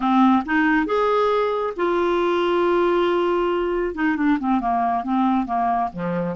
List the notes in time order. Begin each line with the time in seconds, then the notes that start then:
0.00 C4
0.45 D#4
0.86 G#4
1.76 F4
3.94 D#4
4.16 D4
4.39 C4
4.60 A#3
5.03 C4
5.46 A#3
5.92 F3